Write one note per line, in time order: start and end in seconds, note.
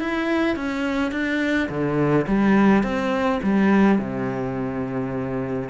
0.00 0.56 E4
0.56 1.12 C#4
1.12 1.69 D4
1.69 2.26 D3
2.28 2.83 G3
2.83 3.41 C4
3.43 3.99 G3
3.99 5.70 C3